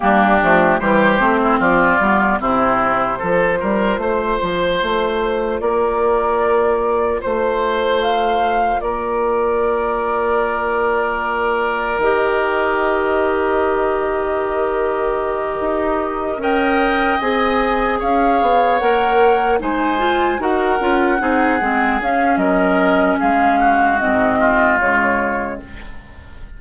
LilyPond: <<
  \new Staff \with { instrumentName = "flute" } { \time 4/4 \tempo 4 = 75 g'4 c''4 d''4 c''4~ | c''2. d''4~ | d''4 c''4 f''4 d''4~ | d''2. dis''4~ |
dis''1~ | dis''8 g''4 gis''4 f''4 fis''8~ | fis''8 gis''4 fis''2 f''8 | dis''4 f''4 dis''4 cis''4 | }
  \new Staff \with { instrumentName = "oboe" } { \time 4/4 d'4 g'8. e'16 f'4 e'4 | a'8 ais'8 c''2 ais'4~ | ais'4 c''2 ais'4~ | ais'1~ |
ais'1~ | ais'8 dis''2 cis''4.~ | cis''8 c''4 ais'4 gis'4. | ais'4 gis'8 fis'4 f'4. | }
  \new Staff \with { instrumentName = "clarinet" } { \time 4/4 ais8 a8 g8 c'4 b8 c'4 | f'1~ | f'1~ | f'2. g'4~ |
g'1~ | g'8 ais'4 gis'2 ais'8~ | ais'8 dis'8 f'8 fis'8 f'8 dis'8 c'8 cis'8~ | cis'2 c'4 gis4 | }
  \new Staff \with { instrumentName = "bassoon" } { \time 4/4 g8 f8 e8 a8 f8 g8 c4 | f8 g8 a8 f8 a4 ais4~ | ais4 a2 ais4~ | ais2. dis4~ |
dis2.~ dis8 dis'8~ | dis'8 cis'4 c'4 cis'8 b8 ais8~ | ais8 gis4 dis'8 cis'8 c'8 gis8 cis'8 | fis4 gis4 gis,4 cis4 | }
>>